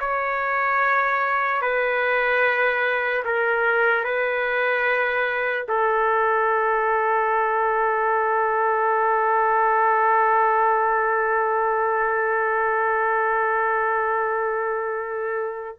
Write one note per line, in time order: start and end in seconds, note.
0.00 1.62 C#5
1.62 3.24 B4
3.25 4.04 A#4
4.04 5.66 B4
5.69 15.79 A4